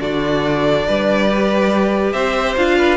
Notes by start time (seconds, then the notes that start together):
0.00 D3 D4 F#4 D5
0.87 G3 B4
1.31 G4
2.13 C4 C5 E5
2.57 D4 F4 F5
2.78 B4